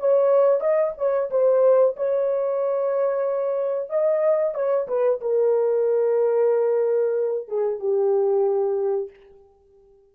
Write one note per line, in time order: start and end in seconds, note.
0.00 0.61 C#5
0.61 0.93 D#5
0.98 1.30 C#5
1.31 1.96 C5
1.97 3.90 C#5
3.90 4.55 D#5
4.55 4.87 C#5
4.88 5.21 B4
5.21 7.48 A#4
7.48 7.80 G#4
7.80 9.10 G4